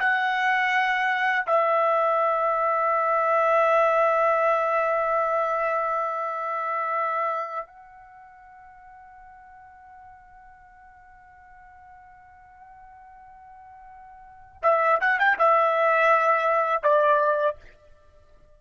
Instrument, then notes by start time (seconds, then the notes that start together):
trumpet
0.00 F#5
1.47 E5
7.67 F#5
14.63 E5
15.01 F#5
15.19 G5
15.39 E5
16.83 D5